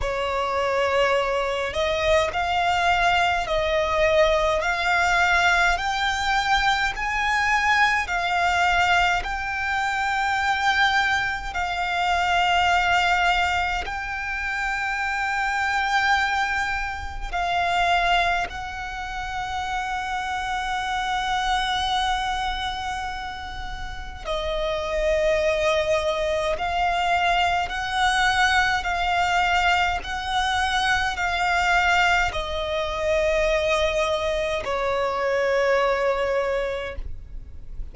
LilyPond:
\new Staff \with { instrumentName = "violin" } { \time 4/4 \tempo 4 = 52 cis''4. dis''8 f''4 dis''4 | f''4 g''4 gis''4 f''4 | g''2 f''2 | g''2. f''4 |
fis''1~ | fis''4 dis''2 f''4 | fis''4 f''4 fis''4 f''4 | dis''2 cis''2 | }